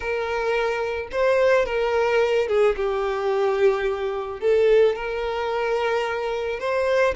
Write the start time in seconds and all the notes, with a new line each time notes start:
0.00 A#4
1.11 C5
1.65 A#4
2.48 G#4
2.76 G4
4.40 A4
4.95 A#4
6.59 C5